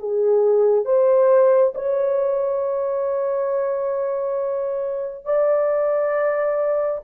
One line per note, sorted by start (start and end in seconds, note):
0.00 0.85 G#4
0.85 1.74 C5
1.75 5.25 C#5
5.25 7.02 D5